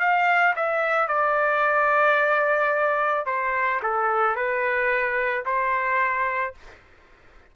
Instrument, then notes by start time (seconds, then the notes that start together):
trumpet
0.00 F5
0.56 E5
1.08 D5
3.26 C5
3.83 A4
4.36 B4
5.45 C5